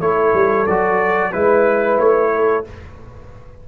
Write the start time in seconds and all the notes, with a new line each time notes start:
0.00 A3 E4 A4 C#5
0.34 G3
0.66 F#3 F#4 D5
1.30 G#3 E4 B4
1.98 A3 C#5
2.35 A4